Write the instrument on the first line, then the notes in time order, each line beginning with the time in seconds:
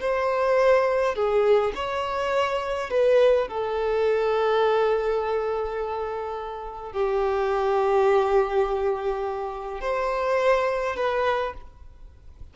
violin
0.00 C5
1.15 G#4
1.75 C#5
2.90 B4
3.47 A4
6.92 G4
9.80 C5
10.96 B4